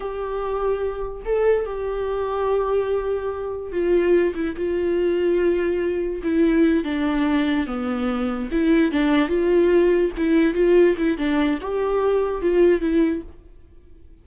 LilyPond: \new Staff \with { instrumentName = "viola" } { \time 4/4 \tempo 4 = 145 g'2. a'4 | g'1~ | g'4 f'4. e'8 f'4~ | f'2. e'4~ |
e'8 d'2 b4.~ | b8 e'4 d'4 f'4.~ | f'8 e'4 f'4 e'8 d'4 | g'2 f'4 e'4 | }